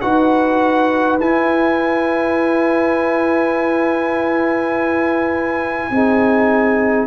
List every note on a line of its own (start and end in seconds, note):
0.00 1.19 D#4
0.00 1.19 F#4
0.00 5.90 B4
0.00 1.18 F#5
1.19 5.89 E4
1.19 5.91 E4
1.19 7.07 G#5
5.90 7.07 C4
5.90 7.07 D#4
5.90 7.07 G#4